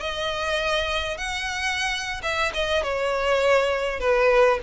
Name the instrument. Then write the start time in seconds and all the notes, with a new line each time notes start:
violin
0.00 D#5
1.18 F#5
2.23 E5
2.54 D#5
2.83 C#5
4.00 B4